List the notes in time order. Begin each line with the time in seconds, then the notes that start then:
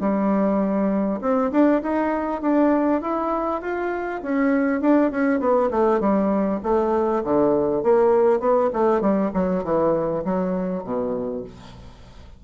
0.00 G3
1.21 C4
1.51 D4
1.83 D#4
2.41 D4
3.01 E4
3.61 F4
4.22 C#4
4.81 D4
5.11 C#4
5.40 B3
5.71 A3
6.00 G3
6.63 A3
7.24 D3
7.83 A#3
8.40 B3
8.73 A3
9.01 G3
9.34 F#3
9.64 E3
10.24 F#3
10.84 B2